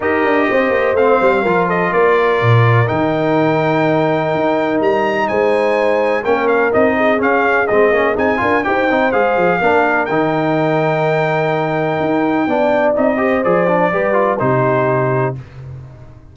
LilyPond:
<<
  \new Staff \with { instrumentName = "trumpet" } { \time 4/4 \tempo 4 = 125 dis''2 f''4. dis''8 | d''2 g''2~ | g''2 ais''4 gis''4~ | gis''4 g''8 f''8 dis''4 f''4 |
dis''4 gis''4 g''4 f''4~ | f''4 g''2.~ | g''2. dis''4 | d''2 c''2 | }
  \new Staff \with { instrumentName = "horn" } { \time 4/4 ais'4 c''2 ais'8 a'8 | ais'1~ | ais'2. c''4~ | c''4 ais'4. gis'4.~ |
gis'4. ais'8 c''2 | ais'1~ | ais'2 d''4. c''8~ | c''4 b'4 g'2 | }
  \new Staff \with { instrumentName = "trombone" } { \time 4/4 g'2 c'4 f'4~ | f'2 dis'2~ | dis'1~ | dis'4 cis'4 dis'4 cis'4 |
c'8 cis'8 dis'8 f'8 g'8 dis'8 gis'4 | d'4 dis'2.~ | dis'2 d'4 dis'8 g'8 | gis'8 d'8 g'8 f'8 dis'2 | }
  \new Staff \with { instrumentName = "tuba" } { \time 4/4 dis'8 d'8 c'8 ais8 a8 g8 f4 | ais4 ais,4 dis2~ | dis4 dis'4 g4 gis4~ | gis4 ais4 c'4 cis'4 |
gis8 ais8 c'8 d'8 dis'8 c'8 gis8 f8 | ais4 dis2.~ | dis4 dis'4 b4 c'4 | f4 g4 c2 | }
>>